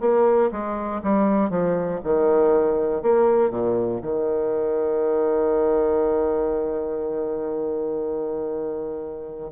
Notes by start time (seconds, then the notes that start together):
0.00 A#3
0.51 G#3
1.03 G3
1.50 F3
2.04 D#3
3.02 A#3
3.50 A#2
4.01 D#3